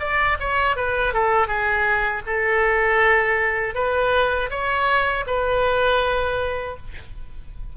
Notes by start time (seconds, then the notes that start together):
0.00 D5
0.40 C#5
0.76 B4
1.13 A4
1.47 G#4
2.26 A4
3.75 B4
4.50 C#5
5.26 B4